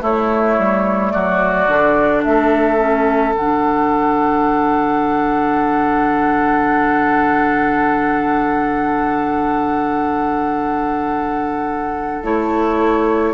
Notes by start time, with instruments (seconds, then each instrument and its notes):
0.00 clarinet A3, bassoon A3, oboe E4, flute C#5
0.58 bassoon G3
1.11 bassoon F#3, oboe F#4, flute D5
1.68 bassoon D3, clarinet D4
2.23 bassoon A3, oboe A4, flute E5
2.78 clarinet C#4
3.34 bassoon D3, clarinet D4, flute F#5
12.23 bassoon A3, clarinet E4, flute C#5